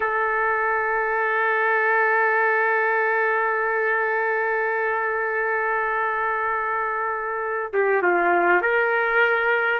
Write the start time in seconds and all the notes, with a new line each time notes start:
0.00 A4
7.73 G4
8.02 F4
8.61 A#4